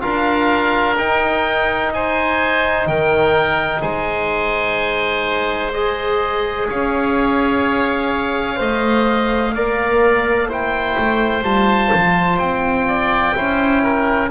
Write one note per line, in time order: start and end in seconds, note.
0.00 0.99 D4
0.00 0.95 F4
0.00 1.93 A#4
0.00 0.95 F5
0.97 5.73 D#4
0.97 2.87 D#4
0.97 1.93 G5
1.93 2.89 C5
1.93 2.87 G#5
2.87 3.82 D#3
2.87 3.81 A#4
2.87 3.82 G5
3.81 6.68 G#3
3.81 6.67 C5
3.81 5.72 G#5
5.73 8.56 G#4
5.73 6.68 D#5
6.69 8.60 C#4
6.69 8.59 C#5
6.69 10.51 F5
8.56 9.54 A3
8.56 9.51 C5
8.56 9.55 D#5
9.54 10.96 A#3
9.54 10.49 A#4
9.54 10.48 D5
10.48 11.43 E4
10.48 12.87 C5
10.48 11.44 G5
10.97 11.42 A3
11.42 11.90 G3
11.42 13.34 F4
11.42 12.38 A5
11.93 12.39 F3
12.38 13.34 C4
12.38 14.29 G5
12.87 13.35 D5
13.34 14.30 C#4
13.34 14.29 E4
13.34 13.83 C5
13.83 14.30 A#4